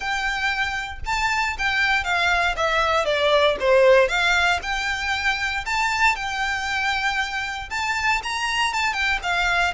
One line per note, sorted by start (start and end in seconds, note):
0.00 0.99 G5
1.05 1.56 A5
1.58 2.04 G5
2.04 2.55 F5
2.56 3.05 E5
3.05 3.56 D5
3.60 4.08 C5
4.08 4.59 F5
4.62 5.64 G5
5.65 6.15 A5
6.15 7.69 G5
7.70 8.21 A5
8.23 8.73 A#5
8.73 8.93 A5
8.93 9.19 G5
9.22 9.73 F5